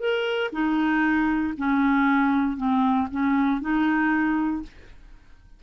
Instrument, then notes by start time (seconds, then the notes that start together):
clarinet
0.00 A#4
0.52 D#4
1.58 C#4
2.57 C4
3.11 C#4
3.61 D#4